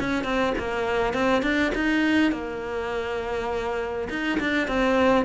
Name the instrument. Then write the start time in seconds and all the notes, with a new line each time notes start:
cello
0.00 C#4
0.24 C4
0.58 A#3
1.13 C4
1.43 D4
1.75 D#4
2.32 A#3
4.09 D#4
4.40 D4
4.67 C4